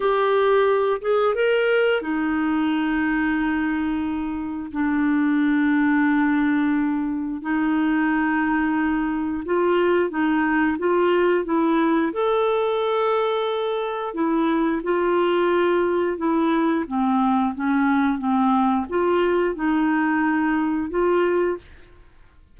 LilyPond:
\new Staff \with { instrumentName = "clarinet" } { \time 4/4 \tempo 4 = 89 g'4. gis'8 ais'4 dis'4~ | dis'2. d'4~ | d'2. dis'4~ | dis'2 f'4 dis'4 |
f'4 e'4 a'2~ | a'4 e'4 f'2 | e'4 c'4 cis'4 c'4 | f'4 dis'2 f'4 | }